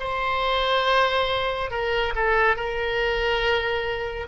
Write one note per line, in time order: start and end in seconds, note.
0.00 1.71 C5
1.71 2.14 A#4
2.16 2.56 A4
2.56 4.28 A#4